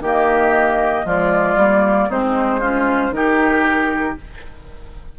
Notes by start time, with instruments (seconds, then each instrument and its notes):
0.00 bassoon D#3, clarinet A#3, oboe G4, flute D#5
1.05 bassoon F3, clarinet G#3, oboe F4, flute D5
1.56 bassoon G3, clarinet A#3
2.09 bassoon G#3, clarinet C4, oboe D#4, flute C5
2.60 clarinet C#4, oboe F4
3.10 bassoon D#3, clarinet D#4, oboe G4, flute A#4